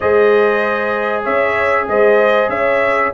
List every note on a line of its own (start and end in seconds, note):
0.00 1.26 G#3
0.00 3.13 G#4
0.00 1.23 C5
0.00 1.23 D#5
1.23 1.87 C#4
1.23 1.86 C#5
1.23 1.87 E5
1.87 2.48 G#3
1.87 2.50 C5
1.87 2.49 D#5
2.48 3.11 C#4
2.48 3.13 C#5
2.48 3.12 E5